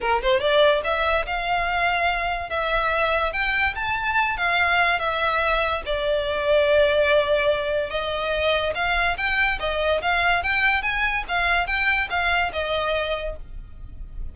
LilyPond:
\new Staff \with { instrumentName = "violin" } { \time 4/4 \tempo 4 = 144 ais'8 c''8 d''4 e''4 f''4~ | f''2 e''2 | g''4 a''4. f''4. | e''2 d''2~ |
d''2. dis''4~ | dis''4 f''4 g''4 dis''4 | f''4 g''4 gis''4 f''4 | g''4 f''4 dis''2 | }